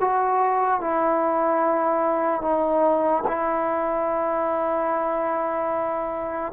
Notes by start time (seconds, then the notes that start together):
0.00 F#4
0.80 E4
2.41 D#4
3.27 E4